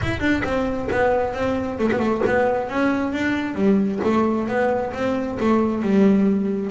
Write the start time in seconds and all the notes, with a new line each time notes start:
0.01 E4
0.20 D4
0.44 C4
0.91 B3
1.33 C4
1.78 A3
1.92 B3
1.99 A3
2.26 B3
2.69 C#4
3.12 D4
3.55 G3
4.04 A3
4.48 B3
4.93 C4
5.40 A3
5.82 G3